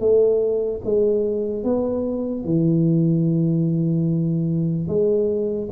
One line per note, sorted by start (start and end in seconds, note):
0.00 0.81 A3
0.85 1.64 G#3
1.64 2.45 B3
2.45 4.88 E3
4.88 5.69 G#3